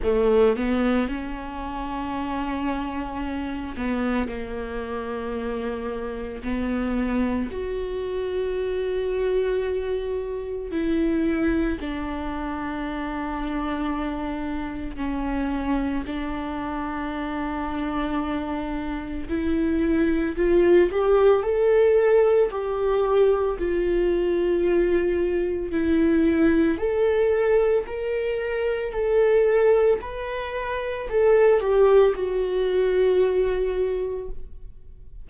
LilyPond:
\new Staff \with { instrumentName = "viola" } { \time 4/4 \tempo 4 = 56 a8 b8 cis'2~ cis'8 b8 | ais2 b4 fis'4~ | fis'2 e'4 d'4~ | d'2 cis'4 d'4~ |
d'2 e'4 f'8 g'8 | a'4 g'4 f'2 | e'4 a'4 ais'4 a'4 | b'4 a'8 g'8 fis'2 | }